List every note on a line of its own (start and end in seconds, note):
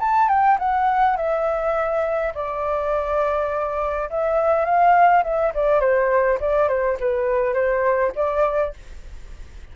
0.00 0.29 A5
0.29 0.58 G5
0.59 1.17 F#5
1.17 2.33 E5
2.35 4.09 D5
4.10 4.65 E5
4.65 5.23 F5
5.23 5.53 E5
5.54 5.80 D5
5.80 6.39 C5
6.41 6.68 D5
6.68 6.97 C5
7.00 7.54 B4
7.54 8.12 C5
8.15 8.74 D5